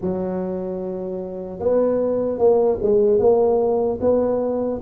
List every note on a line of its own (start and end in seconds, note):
0.01 1.59 F#3
1.59 2.38 B3
2.38 2.78 A#3
2.82 3.19 G#3
3.19 3.99 A#3
4.00 4.80 B3